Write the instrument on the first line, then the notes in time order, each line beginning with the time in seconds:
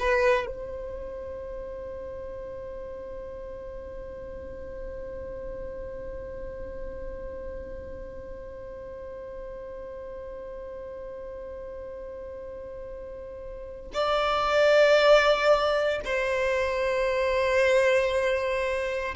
violin
0.00 B4
0.47 C5
13.94 D5
16.05 C5